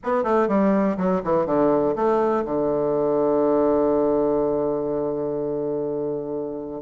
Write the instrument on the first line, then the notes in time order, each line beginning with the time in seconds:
bassoon
0.03 B3
0.23 A3
0.48 G3
0.97 F#3
1.24 E3
1.46 D3
1.95 A3
2.44 D3